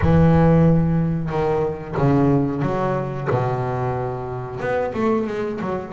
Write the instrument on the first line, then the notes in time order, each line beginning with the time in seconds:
double bass
0.01 E3
1.29 D#3
1.97 C#3
2.62 F#3
3.30 B2
4.60 B3
4.94 A3
5.27 G#3
5.60 F#3